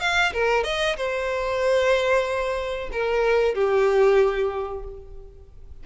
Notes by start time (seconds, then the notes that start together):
0.00 F5
0.33 A#4
0.63 D#5
0.96 C5
2.92 A#4
3.54 G4